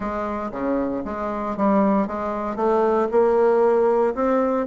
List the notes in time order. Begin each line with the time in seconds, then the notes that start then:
0.00 G#3
0.51 C#3
1.05 G#3
1.57 G3
2.07 G#3
2.56 A3
3.11 A#3
4.14 C4